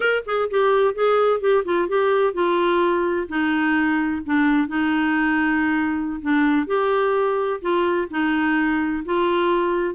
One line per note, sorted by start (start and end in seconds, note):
0.00 0.23 A#4
0.26 0.49 G#4
0.50 0.94 G4
0.94 1.40 G#4
1.40 1.63 G4
1.64 1.88 F4
1.88 2.33 G4
2.33 3.27 F4
3.28 4.22 D#4
4.25 4.68 D4
4.68 6.20 D#4
6.21 6.66 D4
6.66 7.60 G4
7.61 8.08 F4
8.10 9.04 D#4
9.05 9.94 F4